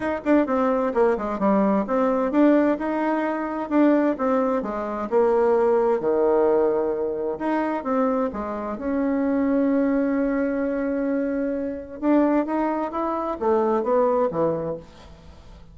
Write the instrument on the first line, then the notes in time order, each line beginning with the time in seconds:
bassoon
0.00 D#4
0.24 D4
0.46 C4
0.94 A#3
1.17 G#3
1.39 G3
1.87 C4
2.31 D4
2.78 D#4
3.69 D4
4.18 C4
4.62 G#3
5.10 A#3
6.00 D#3
7.38 D#4
7.83 C4
8.32 G#3
8.78 C#4
12.00 D4
12.46 D#4
12.91 E4
13.39 A3
13.83 B3
14.30 E3